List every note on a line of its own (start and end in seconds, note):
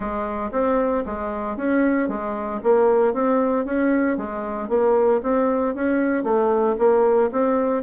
0.00 0.51 G#3
0.51 1.03 C4
1.05 1.56 G#3
1.56 2.08 C#4
2.08 2.60 G#3
2.63 3.13 A#3
3.13 3.65 C4
3.65 4.17 C#4
4.17 4.68 G#3
4.68 5.21 A#3
5.22 5.74 C4
5.74 6.23 C#4
6.23 6.75 A3
6.78 7.30 A#3
7.31 7.83 C4